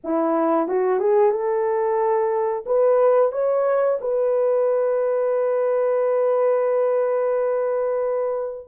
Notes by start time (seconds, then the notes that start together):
0.04 E4
0.68 F#4
0.99 G#4
1.31 A4
2.65 B4
3.32 C#5
4.00 B4